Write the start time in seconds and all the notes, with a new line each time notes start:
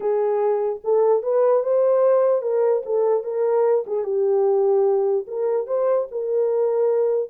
0.00 G#4
0.84 A4
1.23 B4
1.63 C5
2.42 A#4
2.85 A4
3.23 A#4
3.86 G#4
4.04 G4
5.27 A#4
5.66 C5
6.11 A#4